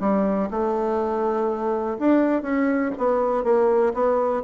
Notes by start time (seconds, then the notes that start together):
0.00 G3
0.51 A3
1.99 D4
2.42 C#4
2.98 B3
3.44 A#3
3.94 B3